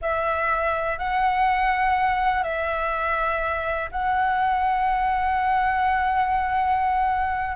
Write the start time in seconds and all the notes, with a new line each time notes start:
0.01 E5
0.98 F#5
2.43 E5
3.91 F#5